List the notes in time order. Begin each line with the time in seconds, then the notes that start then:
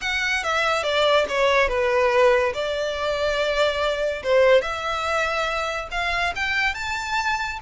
0.01 F#5
0.43 E5
0.83 D5
1.28 C#5
1.68 B4
2.54 D5
4.23 C5
4.61 E5
5.91 F5
6.35 G5
6.74 A5